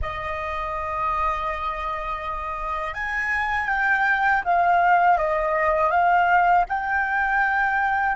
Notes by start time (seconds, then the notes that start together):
0.01 D#5
2.94 G#5
3.68 G5
4.44 F5
5.17 D#5
5.90 F5
6.69 G5